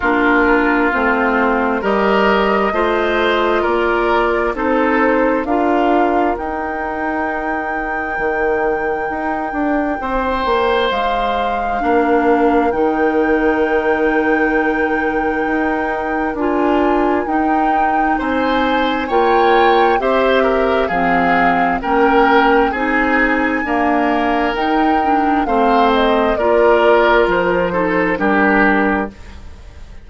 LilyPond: <<
  \new Staff \with { instrumentName = "flute" } { \time 4/4 \tempo 4 = 66 ais'4 c''4 dis''2 | d''4 c''4 f''4 g''4~ | g''1 | f''2 g''2~ |
g''2 gis''4 g''4 | gis''4 g''4 e''4 f''4 | g''4 gis''2 g''4 | f''8 dis''8 d''4 c''4 ais'4 | }
  \new Staff \with { instrumentName = "oboe" } { \time 4/4 f'2 ais'4 c''4 | ais'4 a'4 ais'2~ | ais'2. c''4~ | c''4 ais'2.~ |
ais'1 | c''4 cis''4 c''8 ais'8 gis'4 | ais'4 gis'4 ais'2 | c''4 ais'4. a'8 g'4 | }
  \new Staff \with { instrumentName = "clarinet" } { \time 4/4 d'4 c'4 g'4 f'4~ | f'4 dis'4 f'4 dis'4~ | dis'1~ | dis'4 d'4 dis'2~ |
dis'2 f'4 dis'4~ | dis'4 f'4 g'4 c'4 | cis'4 dis'4 ais4 dis'8 d'8 | c'4 f'4. dis'8 d'4 | }
  \new Staff \with { instrumentName = "bassoon" } { \time 4/4 ais4 a4 g4 a4 | ais4 c'4 d'4 dis'4~ | dis'4 dis4 dis'8 d'8 c'8 ais8 | gis4 ais4 dis2~ |
dis4 dis'4 d'4 dis'4 | c'4 ais4 c'4 f4 | ais4 c'4 d'4 dis'4 | a4 ais4 f4 g4 | }
>>